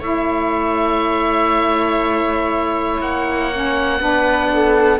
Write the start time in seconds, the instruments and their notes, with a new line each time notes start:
0.00 cello A3, saxophone E4, viola C#5, oboe E5
3.00 cello A#3, oboe F#5
3.52 saxophone C#4
4.00 cello B3, saxophone D4, viola B4
4.53 viola A4